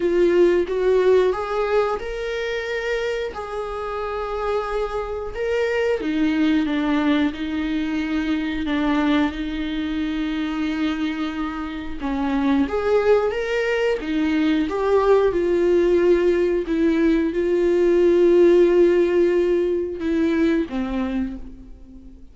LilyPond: \new Staff \with { instrumentName = "viola" } { \time 4/4 \tempo 4 = 90 f'4 fis'4 gis'4 ais'4~ | ais'4 gis'2. | ais'4 dis'4 d'4 dis'4~ | dis'4 d'4 dis'2~ |
dis'2 cis'4 gis'4 | ais'4 dis'4 g'4 f'4~ | f'4 e'4 f'2~ | f'2 e'4 c'4 | }